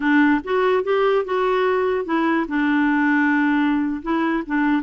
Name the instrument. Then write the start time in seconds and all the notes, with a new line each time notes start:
clarinet
0.00 D4
0.44 F#4
0.83 G4
1.24 F#4
2.05 E4
2.48 D4
4.02 E4
4.46 D4